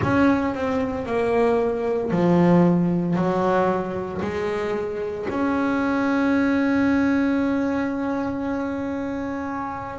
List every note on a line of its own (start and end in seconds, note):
0.02 0.54 C#4
0.54 1.06 C4
1.06 2.11 A#3
2.11 3.16 F3
3.16 4.21 F#3
4.21 5.26 G#3
5.29 9.98 C#4